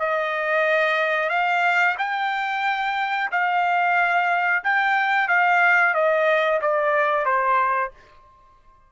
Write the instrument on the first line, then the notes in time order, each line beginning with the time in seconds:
trumpet
0.00 D#5
1.30 F5
1.99 G5
3.32 F5
4.65 G5
5.29 F5
5.95 D#5
6.62 D5
7.26 C5